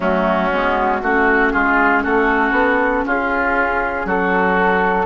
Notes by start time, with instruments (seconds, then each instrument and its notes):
0.00 bassoon F#3, clarinet A3, oboe C#4, flute F#4
0.51 bassoon G#3, clarinet B3
1.01 bassoon A3, clarinet C#4, oboe F#4
1.51 bassoon G#3, oboe F4, flute G#4
2.03 bassoon A3, oboe F#4, flute A4
2.51 bassoon B3
3.06 bassoon C#4, oboe F4, flute G#4
4.05 bassoon F#3, oboe F#4, flute A4